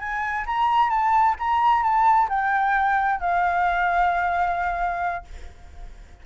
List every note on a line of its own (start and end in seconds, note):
0.00 0.45 G#5
0.46 0.90 A#5
0.90 1.36 A5
1.39 1.83 A#5
1.83 2.29 A5
2.30 3.20 G5
3.21 5.25 F5